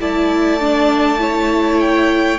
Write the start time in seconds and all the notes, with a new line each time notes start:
0.00 A3 E4 D5 A5
0.60 D4
1.18 E4 C#5
1.80 G5